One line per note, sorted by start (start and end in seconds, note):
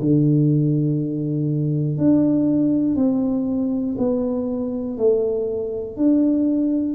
0.00 1.97 D3
1.97 2.96 D4
2.96 3.96 C4
3.98 4.97 B3
4.97 5.96 A3
5.96 6.95 D4